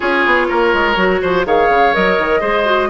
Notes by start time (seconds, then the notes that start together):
0.00 C#4 F4 G#4 C#5
0.25 B3
0.48 A#3 A#4
0.73 G#3
0.95 F#3 F#4
1.21 F3 C5
1.45 D#3 G#4 C#5 F5
1.69 C#3
1.93 F#3 A#4 D#5
2.18 D#3
2.40 G#3 G#4 C5
2.65 F#4